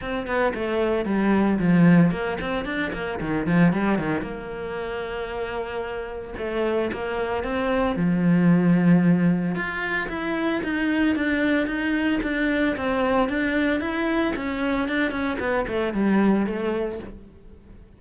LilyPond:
\new Staff \with { instrumentName = "cello" } { \time 4/4 \tempo 4 = 113 c'8 b8 a4 g4 f4 | ais8 c'8 d'8 ais8 dis8 f8 g8 dis8 | ais1 | a4 ais4 c'4 f4~ |
f2 f'4 e'4 | dis'4 d'4 dis'4 d'4 | c'4 d'4 e'4 cis'4 | d'8 cis'8 b8 a8 g4 a4 | }